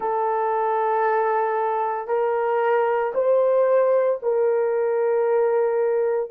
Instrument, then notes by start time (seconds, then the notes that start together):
horn
0.00 A4
2.07 A#4
3.14 C5
4.22 A#4